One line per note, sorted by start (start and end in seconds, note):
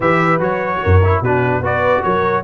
0.00 0.39 E3
0.00 0.40 G4
0.00 0.79 B4
0.00 0.41 E5
0.39 0.80 F#3
0.39 1.01 F#4
0.39 1.23 C#5
0.83 1.21 F#2
0.83 1.22 A#4
1.04 1.24 E4
1.21 1.59 B2
1.21 1.62 D4
1.21 1.63 F#4
1.21 1.64 B4
1.59 2.00 B3
1.59 2.44 F#4
1.59 2.04 B4
1.59 2.02 D5
2.02 2.44 F#3
2.02 2.44 A#4
2.02 2.43 C#5